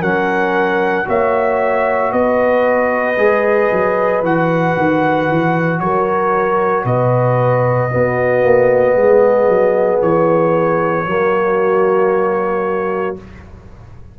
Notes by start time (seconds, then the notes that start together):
0.00 F#3 C#4 A#4 F#5
1.05 A#3 F#4 C#5 E5
2.12 B3 B4 D#5
3.18 G#3 G#4
3.72 F#3
4.23 E3 F#4 F#5
4.77 D#3
5.29 E3
5.80 F#3 A#4 C#5
6.85 B2 B4 D#5
7.90 B3 F#4
8.44 A#3
8.96 G#3 G#4
9.48 F#3
10.02 E3 C#5
11.06 F#3 A#3 F#4